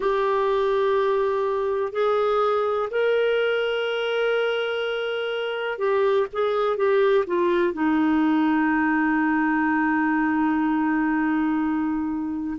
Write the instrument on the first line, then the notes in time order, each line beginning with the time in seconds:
clarinet
0.00 G4
1.92 G#4
2.90 A#4
5.78 G4
6.32 G#4
6.76 G4
7.26 F4
7.73 D#4